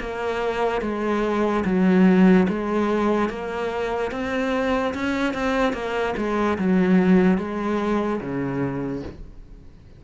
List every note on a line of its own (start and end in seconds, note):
0.00 0.82 A#3
0.82 1.64 G#3
1.65 2.47 F#3
2.49 3.30 G#3
3.30 4.12 A#3
4.12 4.94 C4
4.94 5.34 C#4
5.34 5.73 C4
5.73 6.14 A#3
6.17 6.58 G#3
6.58 7.38 F#3
7.38 8.20 G#3
8.21 9.03 C#3